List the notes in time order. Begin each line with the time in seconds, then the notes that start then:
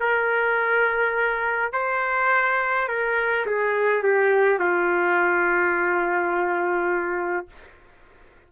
0.00 A#4
1.73 C5
2.89 A#4
3.47 G#4
4.04 G4
4.59 F4